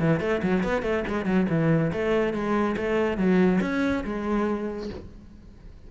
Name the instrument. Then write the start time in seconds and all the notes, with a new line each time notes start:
cello
0.00 E3
0.21 A3
0.43 F#3
0.64 B3
0.83 A3
1.08 G#3
1.26 F#3
1.50 E3
1.93 A3
2.33 G#3
2.77 A3
3.18 F#3
3.61 C#4
4.04 G#3